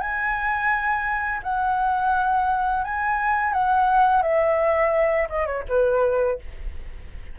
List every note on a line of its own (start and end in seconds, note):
0.00 1.41 G#5
1.43 2.84 F#5
2.84 3.53 G#5
3.53 4.22 F#5
4.22 5.28 E5
5.29 5.46 D#5
5.46 5.63 C#5
5.69 6.39 B4